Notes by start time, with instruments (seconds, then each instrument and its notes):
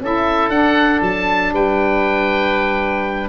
0.00 tuba C#4, saxophone E4, oboe A4 E5
0.49 tuba D4, saxophone D4, oboe F#5
1.01 tuba F#3, oboe A5
1.52 tuba G3, oboe B4 G5